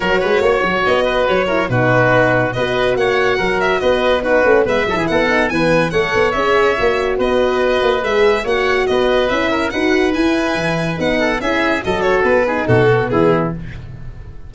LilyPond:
<<
  \new Staff \with { instrumentName = "violin" } { \time 4/4 \tempo 4 = 142 cis''2 dis''4 cis''4 | b'2 dis''4 fis''4~ | fis''8 e''8 dis''4 b'4 e''4 | fis''4 gis''4 fis''4 e''4~ |
e''4 dis''2 e''4 | fis''4 dis''4 e''4 fis''4 | gis''2 fis''4 e''4 | dis''8 cis''8 b'4 a'4 gis'4 | }
  \new Staff \with { instrumentName = "oboe" } { \time 4/4 ais'8 b'8 cis''4. b'4 ais'8 | fis'2 b'4 cis''4 | ais'4 b'4 fis'4 b'8 a'16 gis'16 | a'4 b'4 cis''2~ |
cis''4 b'2. | cis''4 b'4. ais'8 b'4~ | b'2~ b'8 a'8 gis'4 | a'4. gis'8 fis'4 e'4 | }
  \new Staff \with { instrumentName = "horn" } { \time 4/4 fis'2.~ fis'8 e'8 | dis'2 fis'2~ | fis'2 dis'8 cis'8 b8 e'8~ | e'8 dis'8 b4 a'4 gis'4 |
fis'2. gis'4 | fis'2 e'4 fis'4 | e'2 dis'4 e'4 | fis'4. dis'4 b4. | }
  \new Staff \with { instrumentName = "tuba" } { \time 4/4 fis8 gis8 ais8 fis8 b4 fis4 | b,2 b4 ais4 | fis4 b4. a8 gis8 fis16 e16 | b4 e4 a8 b8 cis'4 |
ais4 b4. ais8 gis4 | ais4 b4 cis'4 dis'4 | e'4 e4 b4 cis'4 | fis4 b4 b,4 e4 | }
>>